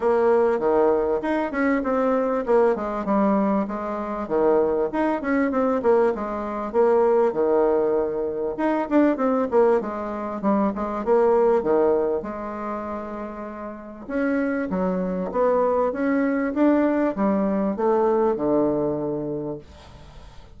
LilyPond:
\new Staff \with { instrumentName = "bassoon" } { \time 4/4 \tempo 4 = 98 ais4 dis4 dis'8 cis'8 c'4 | ais8 gis8 g4 gis4 dis4 | dis'8 cis'8 c'8 ais8 gis4 ais4 | dis2 dis'8 d'8 c'8 ais8 |
gis4 g8 gis8 ais4 dis4 | gis2. cis'4 | fis4 b4 cis'4 d'4 | g4 a4 d2 | }